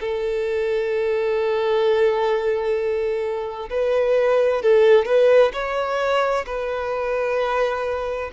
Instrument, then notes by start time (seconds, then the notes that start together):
violin
0.00 A4
3.70 B4
4.62 A4
5.06 B4
5.53 C#5
6.46 B4